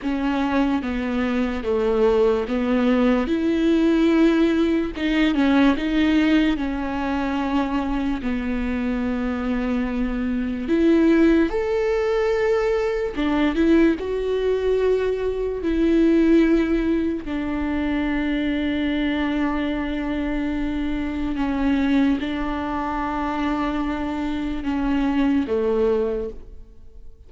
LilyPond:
\new Staff \with { instrumentName = "viola" } { \time 4/4 \tempo 4 = 73 cis'4 b4 a4 b4 | e'2 dis'8 cis'8 dis'4 | cis'2 b2~ | b4 e'4 a'2 |
d'8 e'8 fis'2 e'4~ | e'4 d'2.~ | d'2 cis'4 d'4~ | d'2 cis'4 a4 | }